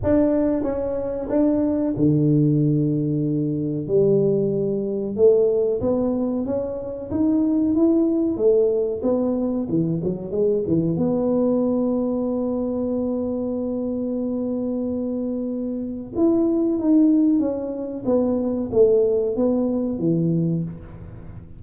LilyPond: \new Staff \with { instrumentName = "tuba" } { \time 4/4 \tempo 4 = 93 d'4 cis'4 d'4 d4~ | d2 g2 | a4 b4 cis'4 dis'4 | e'4 a4 b4 e8 fis8 |
gis8 e8 b2.~ | b1~ | b4 e'4 dis'4 cis'4 | b4 a4 b4 e4 | }